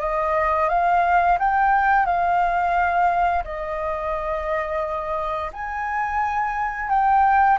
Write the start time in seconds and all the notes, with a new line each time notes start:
0.00 D#5
0.69 F5
1.39 G5
2.06 F5
3.45 D#5
5.53 G#5
6.89 G5